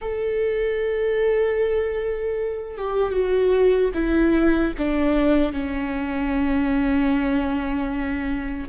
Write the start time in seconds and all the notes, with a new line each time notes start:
0.01 A4
2.77 G4
3.12 F#4
3.94 E4
4.78 D4
5.52 C#4